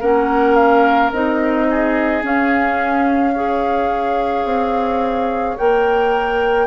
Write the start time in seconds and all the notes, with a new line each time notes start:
0.00 A#3 C#4 A#4 F#5
0.55 F5
1.12 C4 D#4 D#5
1.70 G#4
2.22 C#4 F5
3.34 G#4 C#5
4.44 C4
5.57 A#3 A#4 G5